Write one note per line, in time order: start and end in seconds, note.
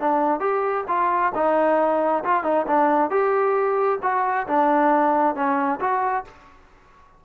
0.00 0.40 D4
0.40 0.84 G4
0.88 1.33 F4
1.35 2.24 D#4
2.24 2.44 F4
2.44 2.66 D#4
2.67 3.10 D4
3.10 3.99 G4
4.02 4.47 F#4
4.47 5.35 D4
5.35 5.79 C#4
5.80 6.25 F#4